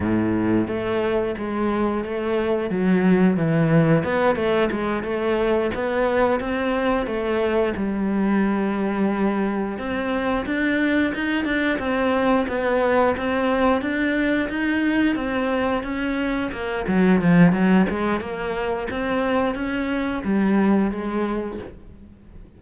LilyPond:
\new Staff \with { instrumentName = "cello" } { \time 4/4 \tempo 4 = 89 a,4 a4 gis4 a4 | fis4 e4 b8 a8 gis8 a8~ | a8 b4 c'4 a4 g8~ | g2~ g8 c'4 d'8~ |
d'8 dis'8 d'8 c'4 b4 c'8~ | c'8 d'4 dis'4 c'4 cis'8~ | cis'8 ais8 fis8 f8 fis8 gis8 ais4 | c'4 cis'4 g4 gis4 | }